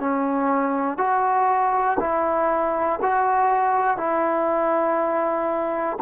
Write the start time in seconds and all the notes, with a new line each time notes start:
0.00 C#4
0.98 F#4
2.00 E4
3.02 F#4
3.97 E4